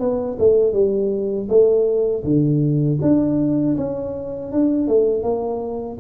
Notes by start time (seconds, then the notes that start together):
0.00 B3
0.39 A3
0.73 G3
1.49 A3
2.24 D3
3.02 D4
3.78 C#4
4.52 D4
4.88 A3
5.23 A#3